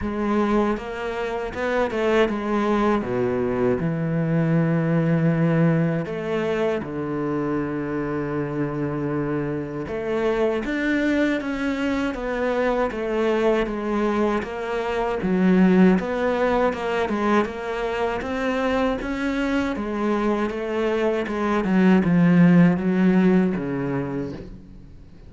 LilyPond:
\new Staff \with { instrumentName = "cello" } { \time 4/4 \tempo 4 = 79 gis4 ais4 b8 a8 gis4 | b,4 e2. | a4 d2.~ | d4 a4 d'4 cis'4 |
b4 a4 gis4 ais4 | fis4 b4 ais8 gis8 ais4 | c'4 cis'4 gis4 a4 | gis8 fis8 f4 fis4 cis4 | }